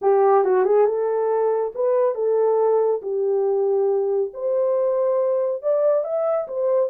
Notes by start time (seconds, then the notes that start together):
0.01 G4
0.44 F#4
0.64 G#4
0.86 A4
1.74 B4
2.15 A4
3.02 G4
4.33 C5
5.62 D5
6.04 E5
6.47 C5